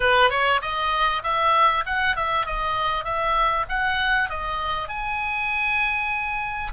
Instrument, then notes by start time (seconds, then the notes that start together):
oboe
0.00 B4
0.29 C#5
0.61 D#5
1.23 E5
1.86 F#5
2.16 E5
2.46 D#5
3.04 E5
3.68 F#5
4.29 D#5
4.88 G#5